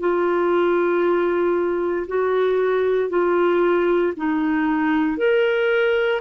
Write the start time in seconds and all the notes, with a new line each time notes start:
0.00 F4
2.08 F#4
3.10 F4
4.17 D#4
5.18 A#4